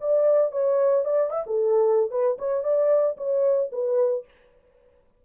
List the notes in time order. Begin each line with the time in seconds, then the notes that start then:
0.00 D5
0.51 C#5
1.05 D5
1.30 E5
1.46 A4
2.10 B4
2.38 C#5
2.63 D5
3.17 C#5
3.71 B4